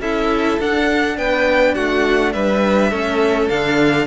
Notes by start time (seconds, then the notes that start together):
0.00 C#4 E4 A4 E5
0.59 D4 F#5
1.18 B3 B4 G5
1.75 A3 F#4 F#5
2.33 G3 B4 E5
2.91 A3 C#4 A4
3.49 D3 D4 F5